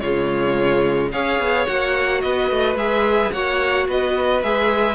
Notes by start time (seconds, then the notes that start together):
0.00 C#3 G#3 F4 C#5
1.12 C#4 G#4 C#5 F5
1.39 B3
1.66 A#3 F#4 F#5
2.21 B3 B4 D#5
2.50 A3
2.75 G#3 G#4 E5
3.32 A#3 F#4 C#5 F#5
3.88 B3 B4 D#5
4.43 G#3 G#4 E5